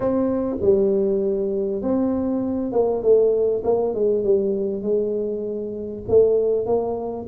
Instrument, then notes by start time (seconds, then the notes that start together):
tuba
0.00 C4
0.60 G3
1.82 C4
2.72 A#3
3.02 A3
3.64 A#3
3.94 G#3
4.23 G3
4.82 G#3
6.08 A3
6.66 A#3